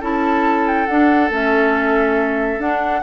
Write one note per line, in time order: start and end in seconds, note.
0.00 0.87 C#4
0.00 0.87 E4
0.00 3.00 A4
0.00 0.68 A5
0.68 0.86 G5
0.86 1.31 D4
0.86 1.30 D4
0.86 1.29 F#5
1.30 2.58 A3
1.30 2.59 C#4
1.30 2.61 E5
2.59 3.02 D4
2.59 3.03 F#5